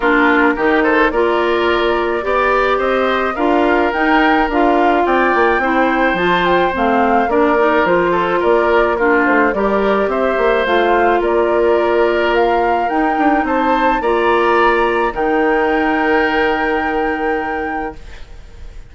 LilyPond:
<<
  \new Staff \with { instrumentName = "flute" } { \time 4/4 \tempo 4 = 107 ais'4. c''8 d''2~ | d''4 dis''4 f''4 g''4 | f''4 g''2 a''8 g''8 | f''4 d''4 c''4 d''4 |
ais'8 c''8 d''4 e''4 f''4 | d''2 f''4 g''4 | a''4 ais''2 g''4~ | g''1 | }
  \new Staff \with { instrumentName = "oboe" } { \time 4/4 f'4 g'8 a'8 ais'2 | d''4 c''4 ais'2~ | ais'4 d''4 c''2~ | c''4 ais'4. a'8 ais'4 |
f'4 ais'4 c''2 | ais'1 | c''4 d''2 ais'4~ | ais'1 | }
  \new Staff \with { instrumentName = "clarinet" } { \time 4/4 d'4 dis'4 f'2 | g'2 f'4 dis'4 | f'2 e'4 f'4 | c'4 d'8 dis'8 f'2 |
d'4 g'2 f'4~ | f'2. dis'4~ | dis'4 f'2 dis'4~ | dis'1 | }
  \new Staff \with { instrumentName = "bassoon" } { \time 4/4 ais4 dis4 ais2 | b4 c'4 d'4 dis'4 | d'4 c'8 ais8 c'4 f4 | a4 ais4 f4 ais4~ |
ais8 a8 g4 c'8 ais8 a4 | ais2. dis'8 d'8 | c'4 ais2 dis4~ | dis1 | }
>>